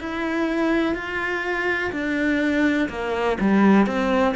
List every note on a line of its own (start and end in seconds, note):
0.00 0.95 E4
0.95 1.92 F4
1.92 2.89 D4
2.89 3.38 A#3
3.40 3.86 G3
3.86 4.35 C4